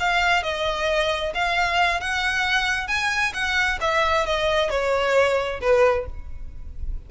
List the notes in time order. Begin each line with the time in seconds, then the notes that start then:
0.00 F5
0.43 D#5
1.35 F5
2.01 F#5
2.88 G#5
3.34 F#5
3.81 E5
4.27 D#5
4.71 C#5
5.61 B4